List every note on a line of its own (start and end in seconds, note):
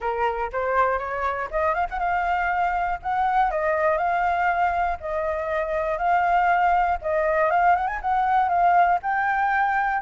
0.00 0.50 A#4
0.52 0.98 C5
0.98 1.48 C#5
1.50 1.74 D#5
1.74 1.86 F5
1.90 1.99 F#5
1.99 2.99 F5
3.02 3.50 F#5
3.50 3.97 D#5
3.97 4.97 F5
5.00 5.97 D#5
5.97 6.97 F5
7.01 7.50 D#5
7.50 7.75 F5
7.75 7.87 F#5
7.87 7.99 G#5
8.01 8.48 F#5
8.48 8.98 F5
9.02 10.01 G5